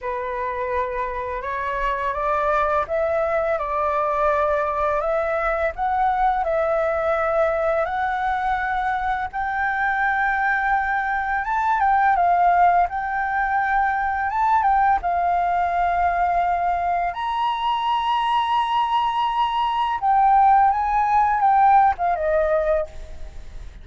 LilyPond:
\new Staff \with { instrumentName = "flute" } { \time 4/4 \tempo 4 = 84 b'2 cis''4 d''4 | e''4 d''2 e''4 | fis''4 e''2 fis''4~ | fis''4 g''2. |
a''8 g''8 f''4 g''2 | a''8 g''8 f''2. | ais''1 | g''4 gis''4 g''8. f''16 dis''4 | }